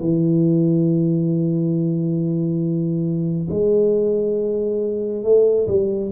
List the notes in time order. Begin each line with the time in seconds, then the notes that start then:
0.00 E3
3.49 G#3
5.23 A3
5.67 G3